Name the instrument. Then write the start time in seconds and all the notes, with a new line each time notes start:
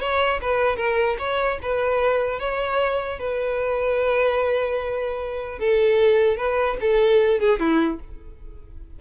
violin
0.00 C#5
0.41 B4
0.76 A#4
1.18 C#5
1.62 B4
2.39 C#5
3.19 B4
5.59 A4
6.37 B4
6.80 A4
7.40 G#4
7.59 E4